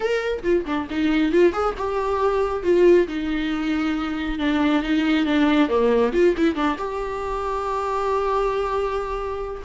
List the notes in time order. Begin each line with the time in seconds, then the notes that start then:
0.00 A#4
0.43 F4
0.65 D4
0.90 D#4
1.32 F4
1.52 G#4
1.77 G4
2.63 F4
3.07 D#4
4.39 D4
4.83 D#4
5.25 D4
5.68 A#3
6.13 F4
6.37 E4
6.55 D4
6.77 G4